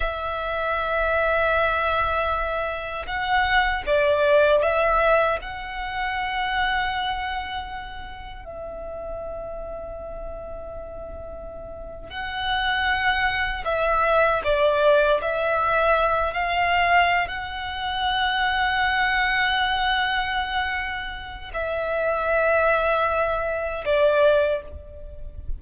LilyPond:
\new Staff \with { instrumentName = "violin" } { \time 4/4 \tempo 4 = 78 e''1 | fis''4 d''4 e''4 fis''4~ | fis''2. e''4~ | e''2.~ e''8. fis''16~ |
fis''4.~ fis''16 e''4 d''4 e''16~ | e''4~ e''16 f''4~ f''16 fis''4.~ | fis''1 | e''2. d''4 | }